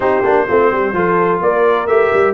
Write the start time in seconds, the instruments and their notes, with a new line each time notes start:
0.00 tuba C4, trombone D#4, horn G4, trumpet C5
0.22 tuba A#3, trombone D4
0.47 tuba A3, trombone C4, horn F4
0.71 tuba G3, horn G4
0.92 tuba F3, trombone F4, horn A4
1.41 tuba A#3, horn A#4, trumpet D5
1.86 tuba A3, trombone G4, trumpet E5
2.13 tuba G3